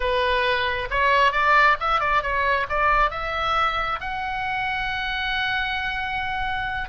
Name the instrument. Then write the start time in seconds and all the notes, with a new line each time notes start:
oboe
0.00 B4
0.90 C#5
1.32 D5
1.79 E5
2.00 D5
2.22 C#5
2.69 D5
3.10 E5
4.00 F#5